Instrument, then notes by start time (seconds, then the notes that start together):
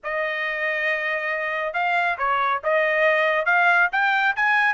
trumpet
0.03 D#5
1.73 F5
2.18 C#5
2.63 D#5
3.45 F5
3.92 G5
4.35 G#5